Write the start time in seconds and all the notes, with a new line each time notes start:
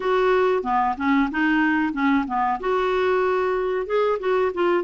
0.00 F#4
0.63 B3
0.97 C#4
1.31 D#4
1.93 C#4
2.27 B3
2.60 F#4
3.86 G#4
4.19 F#4
4.54 F4